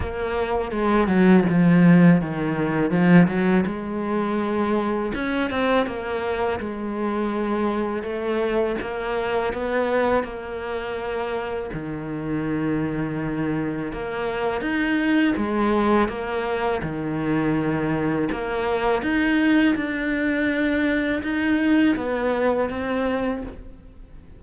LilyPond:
\new Staff \with { instrumentName = "cello" } { \time 4/4 \tempo 4 = 82 ais4 gis8 fis8 f4 dis4 | f8 fis8 gis2 cis'8 c'8 | ais4 gis2 a4 | ais4 b4 ais2 |
dis2. ais4 | dis'4 gis4 ais4 dis4~ | dis4 ais4 dis'4 d'4~ | d'4 dis'4 b4 c'4 | }